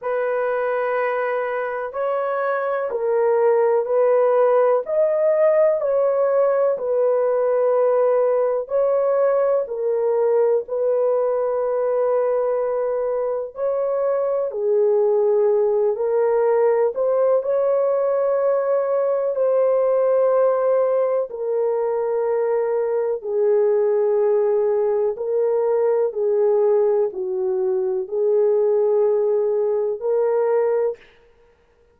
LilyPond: \new Staff \with { instrumentName = "horn" } { \time 4/4 \tempo 4 = 62 b'2 cis''4 ais'4 | b'4 dis''4 cis''4 b'4~ | b'4 cis''4 ais'4 b'4~ | b'2 cis''4 gis'4~ |
gis'8 ais'4 c''8 cis''2 | c''2 ais'2 | gis'2 ais'4 gis'4 | fis'4 gis'2 ais'4 | }